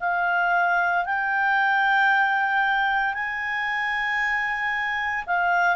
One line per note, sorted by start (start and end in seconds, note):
0.00 1.05 F5
1.05 3.14 G5
3.14 5.25 G#5
5.26 5.76 F5